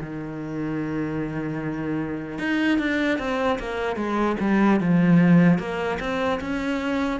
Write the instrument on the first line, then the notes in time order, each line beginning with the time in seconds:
cello
0.00 D#3
2.38 D#4
2.79 D4
3.18 C4
3.59 A#3
3.96 G#3
4.40 G3
4.80 F3
5.59 A#3
6.00 C4
6.40 C#4